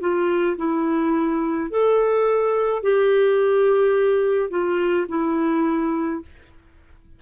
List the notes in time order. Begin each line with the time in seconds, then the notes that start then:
0.00 F4
0.57 E4
1.70 A4
2.83 G4
4.50 F4
5.08 E4